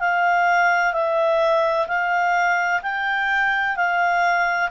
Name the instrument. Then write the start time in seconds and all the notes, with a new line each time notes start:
clarinet
0.00 F5
0.93 E5
1.87 F5
2.83 G5
3.76 F5